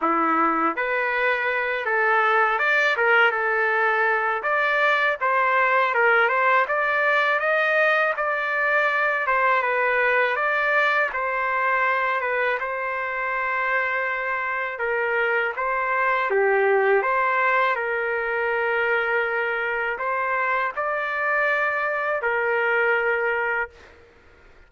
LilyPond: \new Staff \with { instrumentName = "trumpet" } { \time 4/4 \tempo 4 = 81 e'4 b'4. a'4 d''8 | ais'8 a'4. d''4 c''4 | ais'8 c''8 d''4 dis''4 d''4~ | d''8 c''8 b'4 d''4 c''4~ |
c''8 b'8 c''2. | ais'4 c''4 g'4 c''4 | ais'2. c''4 | d''2 ais'2 | }